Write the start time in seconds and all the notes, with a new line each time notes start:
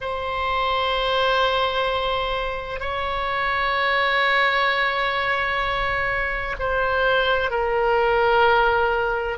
0.00 C5
2.80 C#5
6.59 C5
7.50 A#4